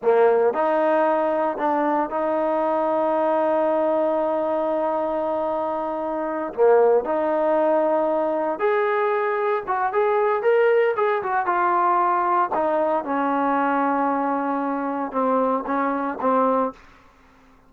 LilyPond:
\new Staff \with { instrumentName = "trombone" } { \time 4/4 \tempo 4 = 115 ais4 dis'2 d'4 | dis'1~ | dis'1~ | dis'8 ais4 dis'2~ dis'8~ |
dis'8 gis'2 fis'8 gis'4 | ais'4 gis'8 fis'8 f'2 | dis'4 cis'2.~ | cis'4 c'4 cis'4 c'4 | }